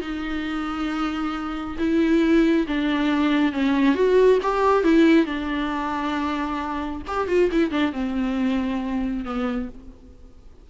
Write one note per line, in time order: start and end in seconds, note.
0.00 1.76 D#4
1.78 2.66 E4
2.67 3.52 D4
3.52 3.94 C#4
3.94 4.39 F#4
4.42 4.83 G4
4.83 5.25 E4
5.25 7.02 D4
7.07 7.27 G4
7.27 7.49 F4
7.51 7.70 E4
7.70 7.92 D4
7.92 9.24 C4
9.24 9.69 B3